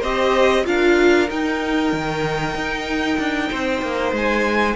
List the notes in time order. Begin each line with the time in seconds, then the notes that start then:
0.00 C4 G4 C5 D#5
0.65 D4 F4 A#4 F5
1.29 D#4 G5
1.93 D#3
2.55 D#4
3.18 D4
3.50 C4 C5
3.82 A#3
4.12 G#3 G#5